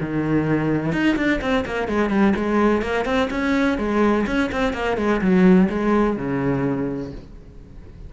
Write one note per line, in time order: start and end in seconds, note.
0.00 0.92 D#3
0.92 1.16 D#4
1.16 1.40 D4
1.41 1.65 C4
1.66 1.87 A#3
1.87 2.10 G#3
2.10 2.33 G3
2.36 2.82 G#3
2.82 3.05 A#3
3.05 3.29 C4
3.30 3.77 C#4
3.77 4.25 G#3
4.26 4.50 C#4
4.52 4.73 C4
4.73 4.97 A#3
4.97 5.21 G#3
5.21 5.69 F#3
5.69 6.17 G#3
6.17 7.12 C#3